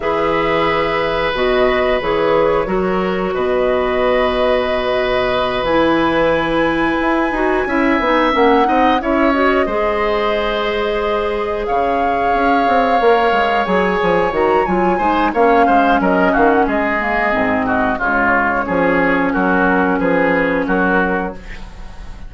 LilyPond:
<<
  \new Staff \with { instrumentName = "flute" } { \time 4/4 \tempo 4 = 90 e''2 dis''4 cis''4~ | cis''4 dis''2.~ | dis''8 gis''2.~ gis''8~ | gis''8 fis''4 e''8 dis''2~ |
dis''4. f''2~ f''8~ | f''8 gis''4 ais''8 gis''4 f''4 | dis''8 f''16 fis''16 dis''2 cis''4~ | cis''4 ais'4 b'4 ais'4 | }
  \new Staff \with { instrumentName = "oboe" } { \time 4/4 b'1 | ais'4 b'2.~ | b'2.~ b'8 e''8~ | e''4 dis''8 cis''4 c''4.~ |
c''4. cis''2~ cis''8~ | cis''2~ cis''8 c''8 cis''8 c''8 | ais'8 fis'8 gis'4. fis'8 f'4 | gis'4 fis'4 gis'4 fis'4 | }
  \new Staff \with { instrumentName = "clarinet" } { \time 4/4 gis'2 fis'4 gis'4 | fis'1~ | fis'8 e'2~ e'8 fis'8 e'8 | dis'8 cis'8 dis'8 e'8 fis'8 gis'4.~ |
gis'2.~ gis'8 ais'8~ | ais'8 gis'4 fis'8 f'8 dis'8 cis'4~ | cis'4. ais8 c'4 gis4 | cis'1 | }
  \new Staff \with { instrumentName = "bassoon" } { \time 4/4 e2 b,4 e4 | fis4 b,2.~ | b,8 e2 e'8 dis'8 cis'8 | b8 ais8 c'8 cis'4 gis4.~ |
gis4. cis4 cis'8 c'8 ais8 | gis8 fis8 f8 dis8 fis8 gis8 ais8 gis8 | fis8 dis8 gis4 gis,4 cis4 | f4 fis4 f4 fis4 | }
>>